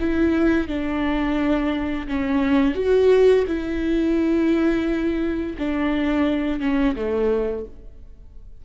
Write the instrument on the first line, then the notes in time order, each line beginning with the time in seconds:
viola
0.00 E4
0.68 D4
2.08 C#4
2.75 F#4
3.47 E4
5.58 D4
6.60 C#4
6.95 A3